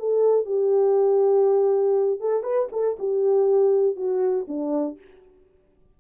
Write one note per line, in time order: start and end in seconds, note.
0.00 0.46 A4
0.46 2.20 G4
2.20 2.43 A4
2.43 2.68 B4
2.73 2.97 A4
2.99 3.96 G4
3.96 4.46 F#4
4.48 4.98 D4